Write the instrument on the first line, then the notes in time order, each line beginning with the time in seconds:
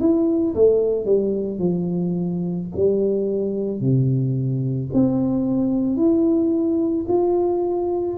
tuba
0.00 E4
0.55 A3
1.05 G3
1.59 F3
2.76 G3
3.81 C3
4.93 C4
5.97 E4
7.08 F4